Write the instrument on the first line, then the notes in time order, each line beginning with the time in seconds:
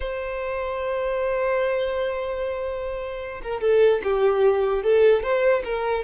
violin
0.00 C5
3.42 A#4
3.61 A4
4.03 G4
4.83 A4
5.22 C5
5.64 A#4